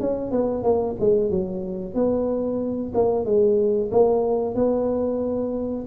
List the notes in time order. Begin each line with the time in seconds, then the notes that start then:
0.00 C#4
0.31 B3
0.63 A#3
1.00 G#3
1.30 F#3
1.94 B3
2.94 A#3
3.25 G#3
3.91 A#3
4.55 B3